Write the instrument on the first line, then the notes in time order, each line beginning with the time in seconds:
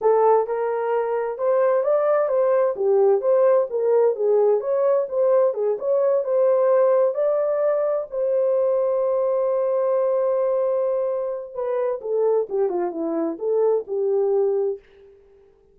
horn
0.01 A4
0.46 A#4
1.37 C5
1.83 D5
2.28 C5
2.76 G4
3.21 C5
3.69 A#4
4.15 G#4
4.60 C#5
5.09 C5
5.54 G#4
5.78 C#5
6.23 C5
7.14 D5
8.10 C5
11.54 B4
12.01 A4
12.49 G4
12.69 F4
12.91 E4
13.38 A4
13.87 G4